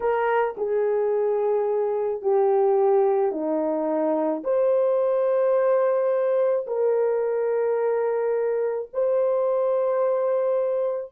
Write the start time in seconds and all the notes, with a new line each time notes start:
0.00 A#4
0.57 G#4
2.22 G4
3.31 D#4
4.43 C5
6.66 A#4
8.93 C5